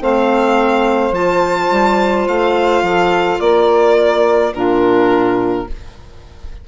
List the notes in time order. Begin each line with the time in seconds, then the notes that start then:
0.00 A3 C4 C5 F5
1.11 F3 F4 A5
1.71 G3
2.28 A3 F5
2.82 F3 A4
3.40 A#3 A#4 D5
4.53 A#2 D4 F4 A#4